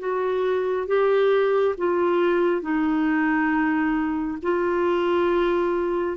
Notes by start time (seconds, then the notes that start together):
0.00 F#4
0.87 G4
1.78 F4
2.62 D#4
4.43 F4